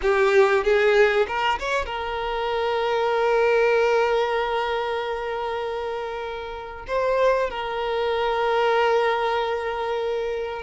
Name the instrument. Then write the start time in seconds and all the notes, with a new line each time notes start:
violin
0.02 G4
0.63 G#4
1.27 A#4
1.59 C#5
1.85 A#4
6.87 C5
7.50 A#4